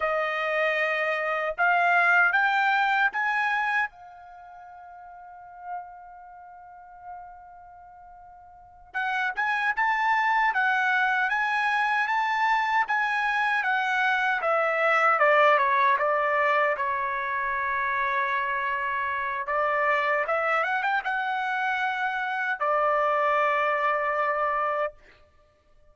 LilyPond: \new Staff \with { instrumentName = "trumpet" } { \time 4/4 \tempo 4 = 77 dis''2 f''4 g''4 | gis''4 f''2.~ | f''2.~ f''8 fis''8 | gis''8 a''4 fis''4 gis''4 a''8~ |
a''8 gis''4 fis''4 e''4 d''8 | cis''8 d''4 cis''2~ cis''8~ | cis''4 d''4 e''8 fis''16 g''16 fis''4~ | fis''4 d''2. | }